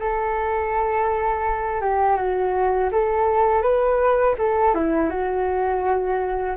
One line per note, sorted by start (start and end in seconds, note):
0.00 1.81 A4
1.81 2.17 G4
2.17 2.90 F#4
2.92 3.63 A4
3.63 4.36 B4
4.38 4.75 A4
4.75 5.10 E4
5.10 6.57 F#4